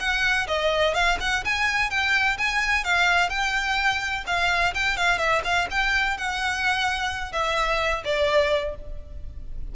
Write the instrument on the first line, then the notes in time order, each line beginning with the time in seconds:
violin
0.00 F#5
0.47 D#5
0.94 F5
1.21 F#5
1.45 G#5
1.90 G5
2.38 G#5
2.85 F5
3.30 G5
4.27 F5
4.75 G5
4.97 F5
5.18 E5
5.45 F5
5.71 G5
6.18 F#5
7.32 E5
8.05 D5